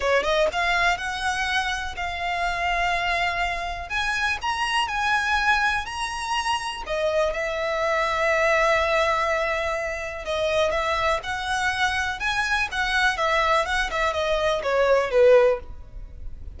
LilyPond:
\new Staff \with { instrumentName = "violin" } { \time 4/4 \tempo 4 = 123 cis''8 dis''8 f''4 fis''2 | f''1 | gis''4 ais''4 gis''2 | ais''2 dis''4 e''4~ |
e''1~ | e''4 dis''4 e''4 fis''4~ | fis''4 gis''4 fis''4 e''4 | fis''8 e''8 dis''4 cis''4 b'4 | }